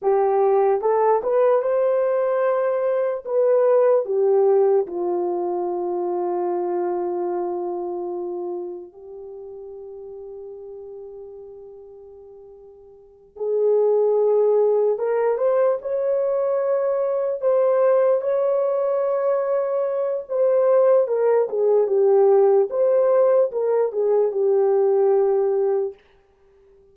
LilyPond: \new Staff \with { instrumentName = "horn" } { \time 4/4 \tempo 4 = 74 g'4 a'8 b'8 c''2 | b'4 g'4 f'2~ | f'2. g'4~ | g'1~ |
g'8 gis'2 ais'8 c''8 cis''8~ | cis''4. c''4 cis''4.~ | cis''4 c''4 ais'8 gis'8 g'4 | c''4 ais'8 gis'8 g'2 | }